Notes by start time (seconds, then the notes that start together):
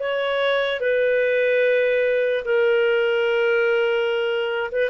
0.00 C#5
0.80 B4
2.45 A#4
4.72 B4